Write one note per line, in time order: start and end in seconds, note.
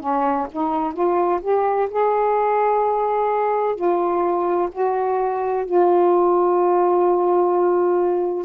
0.00 0.47 C#4
0.52 0.93 D#4
0.93 1.40 F4
1.41 1.88 G4
1.90 3.75 G#4
3.75 4.69 F4
4.71 5.65 F#4
5.65 8.45 F4